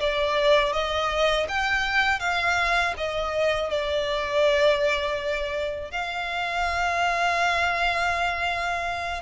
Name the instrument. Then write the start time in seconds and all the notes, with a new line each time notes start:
violin
0.00 D5
0.73 D#5
1.48 G5
2.20 F5
2.97 D#5
3.70 D5
5.91 F5